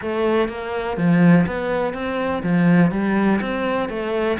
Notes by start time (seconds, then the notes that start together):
0.01 A3
0.48 A#3
0.97 F3
1.47 B3
1.93 C4
2.42 F3
2.91 G3
3.41 C4
3.89 A3